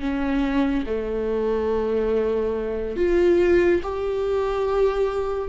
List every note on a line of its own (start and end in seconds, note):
0.00 0.85 C#4
0.86 2.97 A3
2.97 3.81 F4
3.83 5.49 G4